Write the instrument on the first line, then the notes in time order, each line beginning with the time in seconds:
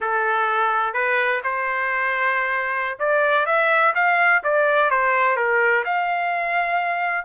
trumpet
0.00 A4
0.93 B4
1.43 C5
2.99 D5
3.46 E5
3.94 F5
4.43 D5
4.90 C5
5.36 A#4
5.84 F5